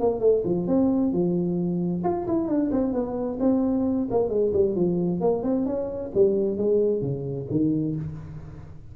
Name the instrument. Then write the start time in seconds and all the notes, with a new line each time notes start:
tuba
0.00 A#3
0.20 A3
0.45 F3
0.67 C4
1.13 F3
2.04 F4
2.27 E4
2.48 D4
2.71 C4
2.93 B3
3.40 C4
4.11 A#3
4.29 G#3
4.54 G3
4.76 F3
5.21 A#3
5.43 C4
5.66 C#4
6.15 G3
6.58 G#3
7.02 C#3
7.51 D#3